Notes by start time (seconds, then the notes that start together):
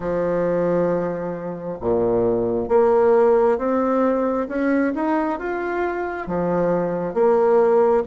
0.00 F3
1.80 A#2
2.68 A#3
3.58 C4
4.48 C#4
4.95 D#4
5.39 F4
6.27 F3
7.14 A#3